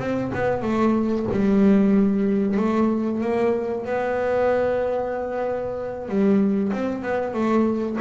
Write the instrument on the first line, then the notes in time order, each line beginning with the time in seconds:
double bass
0.00 C4
0.35 B3
0.62 A3
1.32 G3
2.58 A3
3.21 A#3
3.86 B3
6.09 G3
6.73 C4
7.03 B3
7.34 A3